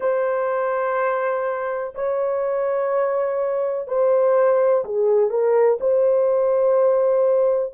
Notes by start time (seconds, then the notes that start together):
0.00 C5
1.94 C#5
3.87 C5
4.84 G#4
5.30 A#4
5.80 C5